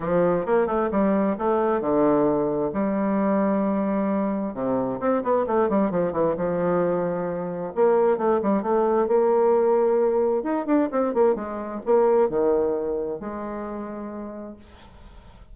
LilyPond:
\new Staff \with { instrumentName = "bassoon" } { \time 4/4 \tempo 4 = 132 f4 ais8 a8 g4 a4 | d2 g2~ | g2 c4 c'8 b8 | a8 g8 f8 e8 f2~ |
f4 ais4 a8 g8 a4 | ais2. dis'8 d'8 | c'8 ais8 gis4 ais4 dis4~ | dis4 gis2. | }